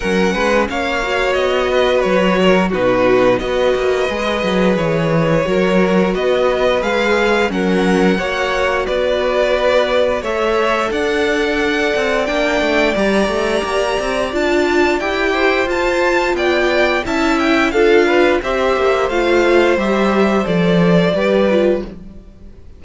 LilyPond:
<<
  \new Staff \with { instrumentName = "violin" } { \time 4/4 \tempo 4 = 88 fis''4 f''4 dis''4 cis''4 | b'4 dis''2 cis''4~ | cis''4 dis''4 f''4 fis''4~ | fis''4 d''2 e''4 |
fis''2 g''4 ais''4~ | ais''4 a''4 g''4 a''4 | g''4 a''8 g''8 f''4 e''4 | f''4 e''4 d''2 | }
  \new Staff \with { instrumentName = "violin" } { \time 4/4 ais'8 b'8 cis''4. b'4 ais'8 | fis'4 b'2. | ais'4 b'2 ais'4 | cis''4 b'2 cis''4 |
d''1~ | d''2~ d''8 c''4. | d''4 e''4 a'8 b'8 c''4~ | c''2. b'4 | }
  \new Staff \with { instrumentName = "viola" } { \time 4/4 cis'4. fis'2~ fis'8 | dis'4 fis'4 gis'2 | fis'2 gis'4 cis'4 | fis'2. a'4~ |
a'2 d'4 g'4~ | g'4 f'4 g'4 f'4~ | f'4 e'4 f'4 g'4 | f'4 g'4 a'4 g'8 f'8 | }
  \new Staff \with { instrumentName = "cello" } { \time 4/4 fis8 gis8 ais4 b4 fis4 | b,4 b8 ais8 gis8 fis8 e4 | fis4 b4 gis4 fis4 | ais4 b2 a4 |
d'4. c'8 ais8 a8 g8 a8 | ais8 c'8 d'4 e'4 f'4 | b4 cis'4 d'4 c'8 ais8 | a4 g4 f4 g4 | }
>>